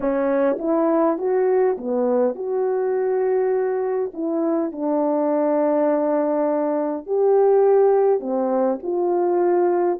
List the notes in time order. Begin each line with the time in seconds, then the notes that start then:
0.00 C#4
0.59 E4
1.18 F#4
1.77 B3
2.35 F#4
4.13 E4
4.72 D4
7.06 G4
8.20 C4
8.82 F4